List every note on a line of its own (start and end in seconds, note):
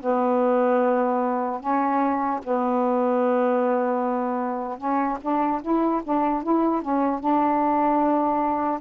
0.00 1.60 B3
1.60 2.40 C#4
2.43 4.77 B3
4.77 5.17 C#4
5.21 5.61 D4
5.61 6.01 E4
6.03 6.43 D4
6.43 6.81 E4
6.81 7.19 C#4
7.19 8.79 D4